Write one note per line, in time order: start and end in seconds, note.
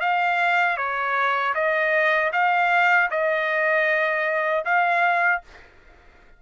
0.00 0.77 F5
0.77 1.54 C#5
1.55 2.31 D#5
2.33 3.10 F5
3.10 4.64 D#5
4.65 5.42 F5